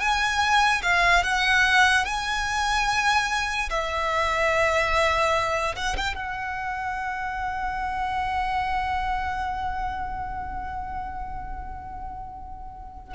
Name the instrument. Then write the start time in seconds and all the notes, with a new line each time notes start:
violin
0.00 G#5
0.83 F5
1.24 F#5
2.05 G#5
3.70 E5
5.76 F#5
5.97 G5
6.15 F#5